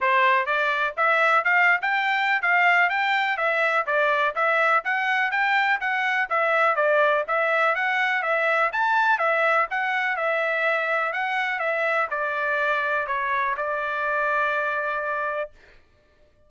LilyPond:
\new Staff \with { instrumentName = "trumpet" } { \time 4/4 \tempo 4 = 124 c''4 d''4 e''4 f''8. g''16~ | g''4 f''4 g''4 e''4 | d''4 e''4 fis''4 g''4 | fis''4 e''4 d''4 e''4 |
fis''4 e''4 a''4 e''4 | fis''4 e''2 fis''4 | e''4 d''2 cis''4 | d''1 | }